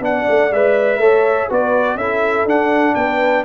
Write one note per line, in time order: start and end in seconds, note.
0.00 0.25 B3
0.00 0.50 D4
0.00 1.00 D5
0.00 0.53 F#5
0.28 0.51 A3
0.51 0.98 G#3
0.51 1.01 B4
0.51 1.51 E5
0.98 1.47 A3
0.98 1.49 A4
0.98 1.48 C#5
1.48 1.95 B3
1.48 1.99 F#4
1.48 1.97 B4
1.48 1.97 D5
1.95 2.44 C#4
1.95 2.48 E4
1.95 2.96 A4
1.95 2.47 E5
2.45 2.94 D4
2.45 3.44 D4
2.45 2.95 F#5
2.95 3.44 B3
2.95 3.44 B4
2.95 3.44 G5